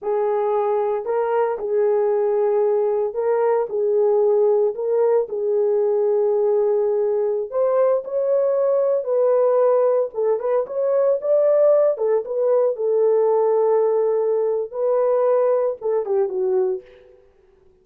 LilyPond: \new Staff \with { instrumentName = "horn" } { \time 4/4 \tempo 4 = 114 gis'2 ais'4 gis'4~ | gis'2 ais'4 gis'4~ | gis'4 ais'4 gis'2~ | gis'2~ gis'16 c''4 cis''8.~ |
cis''4~ cis''16 b'2 a'8 b'16~ | b'16 cis''4 d''4. a'8 b'8.~ | b'16 a'2.~ a'8. | b'2 a'8 g'8 fis'4 | }